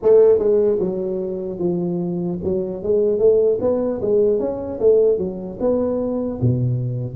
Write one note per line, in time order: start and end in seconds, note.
0.02 0.39 A3
0.39 0.79 G#3
0.79 1.59 F#3
1.59 2.39 F3
2.43 2.82 F#3
2.82 3.19 G#3
3.19 3.59 A3
3.60 4.00 B3
4.01 4.39 G#3
4.39 4.79 C#4
4.80 5.18 A3
5.18 5.58 F#3
5.60 6.40 B3
6.41 7.15 B2